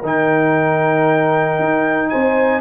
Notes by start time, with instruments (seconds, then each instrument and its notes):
0.00 tuba D#3, trombone D#4, horn A#4
0.06 trumpet G5
1.59 tuba D#4
2.09 tuba C4, horn C5, trumpet G#5